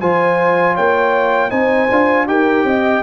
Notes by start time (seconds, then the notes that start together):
0.00 F3 F4 C5 G#5
0.74 A#3 C#5 G5
1.50 C4 D#4 C5 G#5
1.91 D4 F4
2.27 D#4 G4 A#4 G5
2.64 C4 D#5